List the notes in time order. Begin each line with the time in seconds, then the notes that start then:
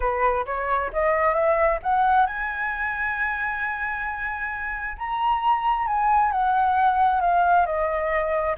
0.00 B4
0.46 C#5
0.92 D#5
1.33 E5
1.83 F#5
2.26 G#5
4.98 A#5
5.86 G#5
6.31 F#5
7.21 F5
7.65 D#5